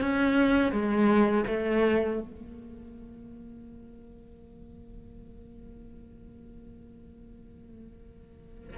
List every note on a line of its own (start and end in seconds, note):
0.00 0.71 C#4
0.71 1.44 G#3
1.47 2.20 A3
2.20 8.77 A#3